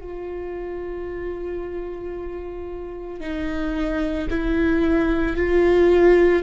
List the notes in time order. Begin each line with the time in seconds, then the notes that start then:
0.00 F4
3.20 D#4
4.30 E4
5.36 F4